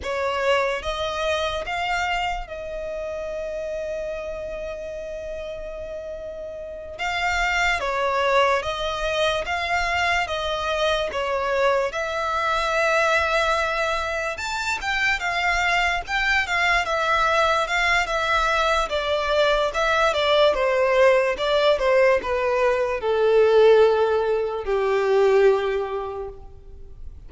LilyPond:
\new Staff \with { instrumentName = "violin" } { \time 4/4 \tempo 4 = 73 cis''4 dis''4 f''4 dis''4~ | dis''1~ | dis''8 f''4 cis''4 dis''4 f''8~ | f''8 dis''4 cis''4 e''4.~ |
e''4. a''8 g''8 f''4 g''8 | f''8 e''4 f''8 e''4 d''4 | e''8 d''8 c''4 d''8 c''8 b'4 | a'2 g'2 | }